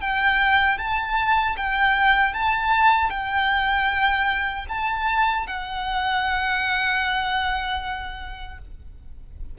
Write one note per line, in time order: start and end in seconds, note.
0.00 0.78 G5
0.78 1.56 A5
1.56 2.33 G5
2.33 3.10 A5
3.10 4.65 G5
4.68 5.46 A5
5.47 8.58 F#5